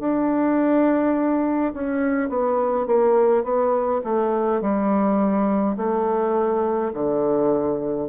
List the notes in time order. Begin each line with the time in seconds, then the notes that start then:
0.00 D4
1.74 C#4
2.30 B3
2.87 A#3
3.44 B3
4.04 A3
4.62 G3
5.77 A3
6.94 D3